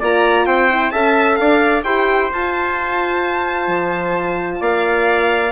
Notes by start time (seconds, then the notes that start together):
0.00 A#3 F4 D5 A#5
0.46 C4 C5 G5
0.71 E4
0.91 C#4 A4 E5 A5
1.36 D4 D5 F5
1.84 E4 G4 C5 G5
2.31 F4 A5
3.68 F3
4.60 A#3 D5 F5